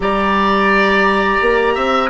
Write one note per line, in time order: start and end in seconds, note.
0.00 1.37 G3
0.00 2.10 G4
0.00 1.74 D5
0.00 2.10 A#5
1.41 1.76 A#3
1.74 2.10 C4
1.74 2.10 E5